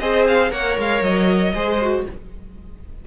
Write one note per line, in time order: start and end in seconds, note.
0.00 0.52 C4
0.00 0.51 G#4
0.00 0.52 C5
0.00 0.26 D#5
0.28 0.52 F5
0.51 0.77 A#3
0.51 1.54 A#4
0.51 1.54 C#5
0.51 0.78 F#5
0.79 1.02 G#3
0.79 1.04 F5
1.02 1.53 F#3
1.02 2.06 D#5
1.55 2.07 G#3
1.55 1.80 G#4
1.55 2.06 C5
1.82 2.08 F#4